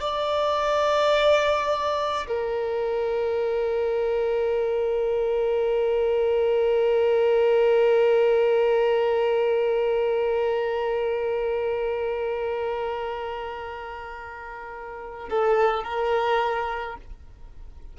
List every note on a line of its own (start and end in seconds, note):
0.00 2.26 D5
2.27 15.29 A#4
15.29 15.83 A4
15.83 16.97 A#4